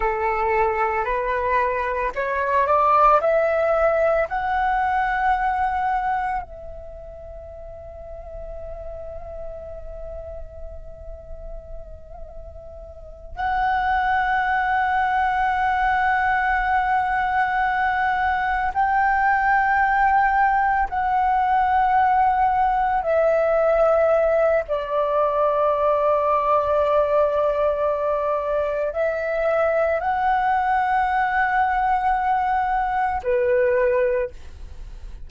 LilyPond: \new Staff \with { instrumentName = "flute" } { \time 4/4 \tempo 4 = 56 a'4 b'4 cis''8 d''8 e''4 | fis''2 e''2~ | e''1~ | e''8 fis''2.~ fis''8~ |
fis''4. g''2 fis''8~ | fis''4. e''4. d''4~ | d''2. e''4 | fis''2. b'4 | }